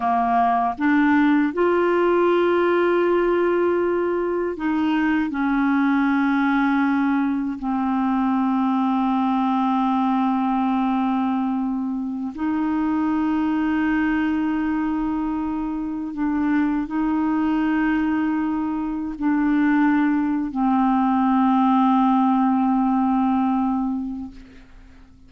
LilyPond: \new Staff \with { instrumentName = "clarinet" } { \time 4/4 \tempo 4 = 79 ais4 d'4 f'2~ | f'2 dis'4 cis'4~ | cis'2 c'2~ | c'1~ |
c'16 dis'2.~ dis'8.~ | dis'4~ dis'16 d'4 dis'4.~ dis'16~ | dis'4~ dis'16 d'4.~ d'16 c'4~ | c'1 | }